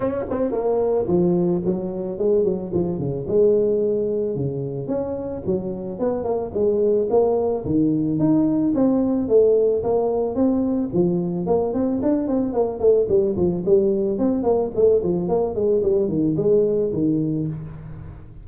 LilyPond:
\new Staff \with { instrumentName = "tuba" } { \time 4/4 \tempo 4 = 110 cis'8 c'8 ais4 f4 fis4 | gis8 fis8 f8 cis8 gis2 | cis4 cis'4 fis4 b8 ais8 | gis4 ais4 dis4 dis'4 |
c'4 a4 ais4 c'4 | f4 ais8 c'8 d'8 c'8 ais8 a8 | g8 f8 g4 c'8 ais8 a8 f8 | ais8 gis8 g8 dis8 gis4 dis4 | }